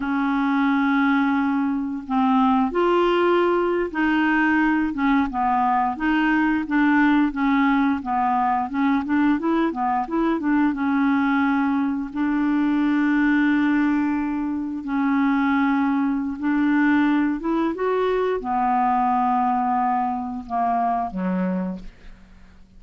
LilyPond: \new Staff \with { instrumentName = "clarinet" } { \time 4/4 \tempo 4 = 88 cis'2. c'4 | f'4.~ f'16 dis'4. cis'8 b16~ | b8. dis'4 d'4 cis'4 b16~ | b8. cis'8 d'8 e'8 b8 e'8 d'8 cis'16~ |
cis'4.~ cis'16 d'2~ d'16~ | d'4.~ d'16 cis'2~ cis'16 | d'4. e'8 fis'4 b4~ | b2 ais4 fis4 | }